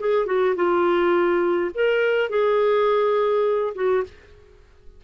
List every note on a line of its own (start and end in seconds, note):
0.00 0.26 G#4
0.26 0.55 F#4
0.55 1.71 F4
1.74 2.29 A#4
2.29 3.74 G#4
3.75 4.04 F#4